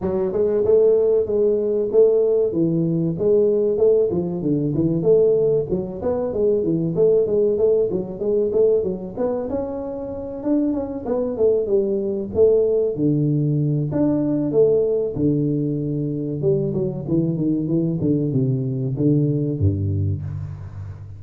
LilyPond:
\new Staff \with { instrumentName = "tuba" } { \time 4/4 \tempo 4 = 95 fis8 gis8 a4 gis4 a4 | e4 gis4 a8 f8 d8 e8 | a4 fis8 b8 gis8 e8 a8 gis8 | a8 fis8 gis8 a8 fis8 b8 cis'4~ |
cis'8 d'8 cis'8 b8 a8 g4 a8~ | a8 d4. d'4 a4 | d2 g8 fis8 e8 dis8 | e8 d8 c4 d4 g,4 | }